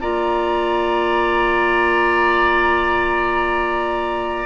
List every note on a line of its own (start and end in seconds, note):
0.00 4.46 A#3
0.00 4.46 F4
0.00 4.46 D5
0.00 4.46 A#5